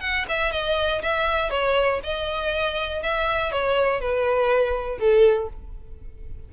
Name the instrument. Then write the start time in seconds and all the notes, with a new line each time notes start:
violin
0.00 F#5
0.29 E5
0.51 D#5
1.02 E5
1.50 C#5
2.03 D#5
3.02 E5
3.51 C#5
4.00 B4
4.99 A4